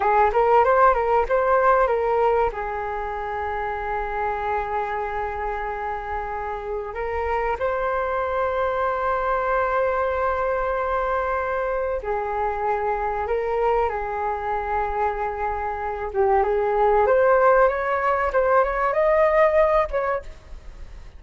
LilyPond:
\new Staff \with { instrumentName = "flute" } { \time 4/4 \tempo 4 = 95 gis'8 ais'8 c''8 ais'8 c''4 ais'4 | gis'1~ | gis'2. ais'4 | c''1~ |
c''2. gis'4~ | gis'4 ais'4 gis'2~ | gis'4. g'8 gis'4 c''4 | cis''4 c''8 cis''8 dis''4. cis''8 | }